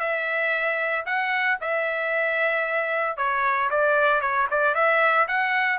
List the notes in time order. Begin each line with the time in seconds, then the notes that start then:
0.00 E5
1.06 F#5
1.61 E5
3.17 C#5
3.71 D5
4.21 C#5
4.51 D5
4.75 E5
5.28 F#5